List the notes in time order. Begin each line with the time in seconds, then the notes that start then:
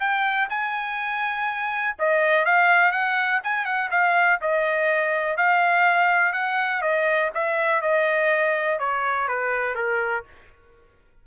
0.00 G5
0.50 G#5
1.99 D#5
2.45 F5
2.92 F#5
3.44 G#5
3.66 F#5
3.91 F5
4.41 D#5
5.37 F5
6.33 F#5
6.82 D#5
7.35 E5
7.82 D#5
8.80 C#5
9.28 B4
9.75 A#4